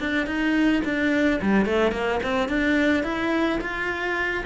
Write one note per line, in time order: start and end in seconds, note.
0.00 0.27 D4
0.27 0.82 D#4
0.85 1.40 D4
1.42 1.65 G3
1.65 1.92 A3
1.92 2.20 A#3
2.23 2.48 C4
2.48 3.04 D4
3.04 3.59 E4
3.61 4.44 F4